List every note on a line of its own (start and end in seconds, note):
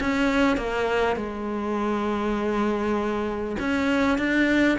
0.00 0.57 C#4
0.57 1.16 A#3
1.16 3.56 G#3
3.59 4.18 C#4
4.18 4.78 D4